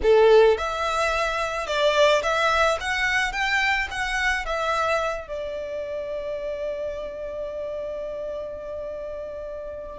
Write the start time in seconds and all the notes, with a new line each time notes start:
0.02 A4
0.57 E5
1.66 D5
2.22 E5
2.80 F#5
3.32 G5
3.90 F#5
4.45 E5
5.27 D5